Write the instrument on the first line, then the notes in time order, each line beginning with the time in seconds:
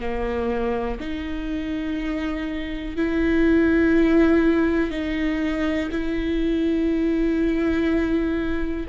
viola
0.00 A#3
1.00 D#4
2.96 E4
4.90 D#4
5.91 E4